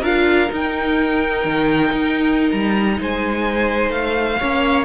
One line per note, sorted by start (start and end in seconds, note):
0.00 0.49 D4
0.00 0.49 F4
0.00 2.95 A#4
0.00 0.50 F5
0.49 4.39 D#4
0.49 1.44 D#4
0.55 2.51 G5
1.44 1.91 D#3
1.92 2.51 D#4
2.51 2.99 G3
2.51 2.98 A#5
3.00 3.89 G#3
3.00 4.39 C5
3.00 3.91 G#5
3.89 4.36 A3
3.89 4.85 F5
4.39 4.85 A#3
4.39 4.85 C#4
4.39 4.85 C#5